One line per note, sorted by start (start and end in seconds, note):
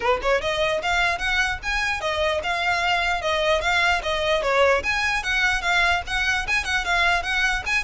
0.00 0.20 B4
0.21 0.41 C#5
0.41 0.81 D#5
0.82 1.18 F5
1.18 1.58 F#5
1.62 2.01 G#5
2.01 2.41 D#5
2.43 3.21 F5
3.21 3.61 D#5
3.61 4.01 F5
4.02 4.42 D#5
4.42 4.82 C#5
4.83 5.23 G#5
5.23 5.61 F#5
5.61 6.01 F5
6.06 6.46 F#5
6.47 6.64 G#5
6.64 6.84 F#5
6.84 7.23 F5
7.23 7.63 F#5
7.66 7.84 G#5